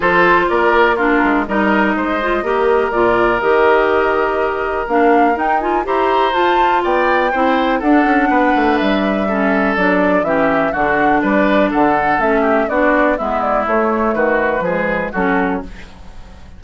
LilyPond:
<<
  \new Staff \with { instrumentName = "flute" } { \time 4/4 \tempo 4 = 123 c''4 d''4 ais'4 dis''4~ | dis''2 d''4 dis''4~ | dis''2 f''4 g''8 gis''8 | ais''4 a''4 g''2 |
fis''2 e''2 | d''4 e''4 fis''4 d''4 | fis''4 e''4 d''4 e''8 d''8 | cis''4 b'2 a'4 | }
  \new Staff \with { instrumentName = "oboe" } { \time 4/4 a'4 ais'4 f'4 ais'4 | c''4 ais'2.~ | ais'1 | c''2 d''4 c''4 |
a'4 b'2 a'4~ | a'4 g'4 fis'4 b'4 | a'4. g'8 fis'4 e'4~ | e'4 fis'4 gis'4 fis'4 | }
  \new Staff \with { instrumentName = "clarinet" } { \time 4/4 f'2 d'4 dis'4~ | dis'8 f'8 g'4 f'4 g'4~ | g'2 d'4 dis'8 f'8 | g'4 f'2 e'4 |
d'2. cis'4 | d'4 cis'4 d'2~ | d'4 cis'4 d'4 b4 | a2 gis4 cis'4 | }
  \new Staff \with { instrumentName = "bassoon" } { \time 4/4 f4 ais4. gis8 g4 | gis4 ais4 ais,4 dis4~ | dis2 ais4 dis'4 | e'4 f'4 b4 c'4 |
d'8 cis'8 b8 a8 g2 | fis4 e4 d4 g4 | d4 a4 b4 gis4 | a4 dis4 f4 fis4 | }
>>